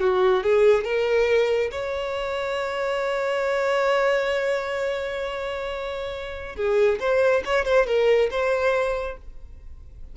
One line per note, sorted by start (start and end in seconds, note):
0.00 0.43 F#4
0.43 0.84 G#4
0.84 1.70 A#4
1.71 6.56 C#5
6.56 6.99 G#4
6.99 7.43 C5
7.45 7.65 C#5
7.65 7.86 C5
7.86 8.29 A#4
8.30 9.17 C5